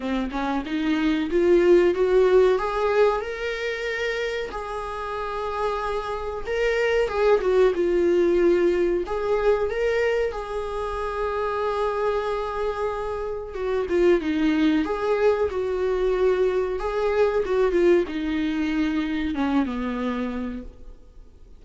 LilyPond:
\new Staff \with { instrumentName = "viola" } { \time 4/4 \tempo 4 = 93 c'8 cis'8 dis'4 f'4 fis'4 | gis'4 ais'2 gis'4~ | gis'2 ais'4 gis'8 fis'8 | f'2 gis'4 ais'4 |
gis'1~ | gis'4 fis'8 f'8 dis'4 gis'4 | fis'2 gis'4 fis'8 f'8 | dis'2 cis'8 b4. | }